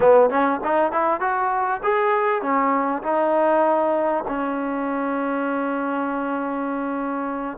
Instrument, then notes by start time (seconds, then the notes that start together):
trombone
0.00 B3
0.29 C#4
0.64 D#4
0.92 E4
1.20 F#4
1.83 G#4
2.42 C#4
3.02 D#4
4.27 C#4